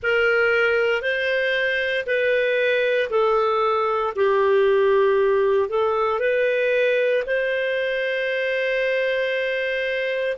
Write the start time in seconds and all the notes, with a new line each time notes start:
0.02 A#4
1.02 C5
2.06 B4
3.10 A4
4.15 G4
5.69 A4
6.19 B4
7.26 C5